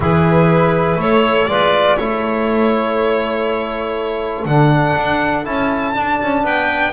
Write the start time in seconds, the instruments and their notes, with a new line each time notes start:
0.00 double bass E3, trombone E4, clarinet G#4, violin B4
0.96 double bass A3, clarinet A4, violin C#5
1.47 double bass G#3, trombone F4, clarinet B4, violin D5
1.97 double bass A3, trombone E4, clarinet A4, violin C#5
4.45 double bass D3, trombone D4, violin F#5
4.96 double bass D4
5.44 double bass C#4, trombone E4, violin A5
5.94 trombone D4, double bass D4
6.22 double bass C#4
6.43 double bass B3, clarinet B4, violin G5